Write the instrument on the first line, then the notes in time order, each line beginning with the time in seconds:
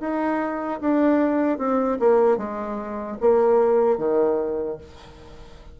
bassoon
0.00 D#4
0.80 D4
1.58 C4
1.99 A#3
2.37 G#3
3.20 A#3
3.98 D#3